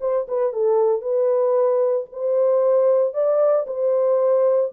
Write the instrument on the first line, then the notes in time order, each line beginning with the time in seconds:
horn
0.00 C5
0.28 B4
0.52 A4
1.01 B4
2.12 C5
3.13 D5
3.67 C5